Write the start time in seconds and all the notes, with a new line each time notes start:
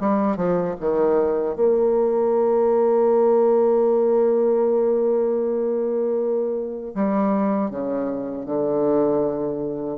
0.00 G3
0.36 F3
0.80 D#3
1.56 A#3
6.95 G3
7.70 C#3
8.45 D3